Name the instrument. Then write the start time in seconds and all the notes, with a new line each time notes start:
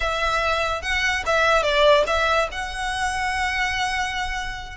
violin
0.00 E5
0.82 F#5
1.26 E5
1.62 D5
2.07 E5
2.51 F#5